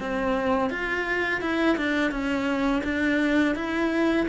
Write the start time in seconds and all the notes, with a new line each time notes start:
0.00 C4
0.70 F4
1.41 E4
1.77 D4
2.11 C#4
2.84 D4
3.55 E4